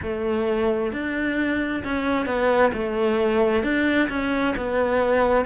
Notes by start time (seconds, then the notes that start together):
0.02 A3
0.92 D4
1.84 C#4
2.26 B3
2.73 A3
3.63 D4
4.09 C#4
4.56 B3